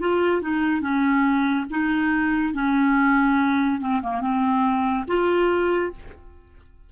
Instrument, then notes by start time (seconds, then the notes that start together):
clarinet
0.00 F4
0.41 D#4
0.81 C#4
1.70 D#4
2.53 C#4
3.80 C4
4.02 A#3
4.21 C4
5.07 F4